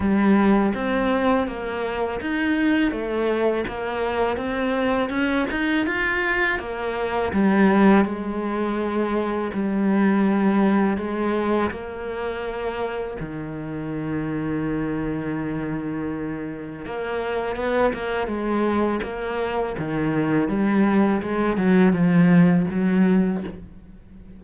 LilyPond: \new Staff \with { instrumentName = "cello" } { \time 4/4 \tempo 4 = 82 g4 c'4 ais4 dis'4 | a4 ais4 c'4 cis'8 dis'8 | f'4 ais4 g4 gis4~ | gis4 g2 gis4 |
ais2 dis2~ | dis2. ais4 | b8 ais8 gis4 ais4 dis4 | g4 gis8 fis8 f4 fis4 | }